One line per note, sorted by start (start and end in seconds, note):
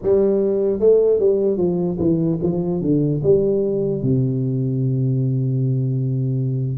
0.02 0.79 G3
0.79 1.19 A3
1.19 1.57 G3
1.57 1.97 F3
1.99 2.39 E3
2.42 2.81 F3
2.81 3.21 D3
3.23 4.02 G3
4.02 6.78 C3